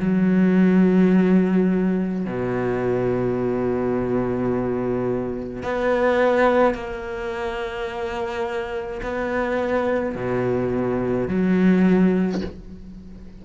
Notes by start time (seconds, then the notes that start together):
0.00 F#3
2.26 B2
5.63 B3
6.75 A#3
9.03 B3
10.15 B2
11.28 F#3